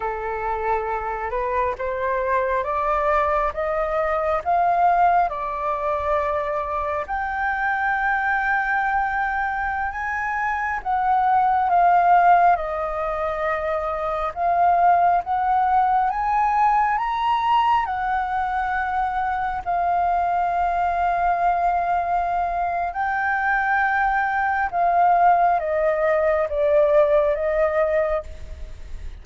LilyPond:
\new Staff \with { instrumentName = "flute" } { \time 4/4 \tempo 4 = 68 a'4. b'8 c''4 d''4 | dis''4 f''4 d''2 | g''2.~ g''16 gis''8.~ | gis''16 fis''4 f''4 dis''4.~ dis''16~ |
dis''16 f''4 fis''4 gis''4 ais''8.~ | ais''16 fis''2 f''4.~ f''16~ | f''2 g''2 | f''4 dis''4 d''4 dis''4 | }